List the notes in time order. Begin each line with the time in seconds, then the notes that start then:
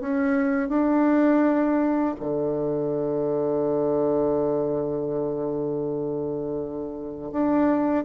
0.00 C#4
0.69 D4
2.20 D3
7.31 D4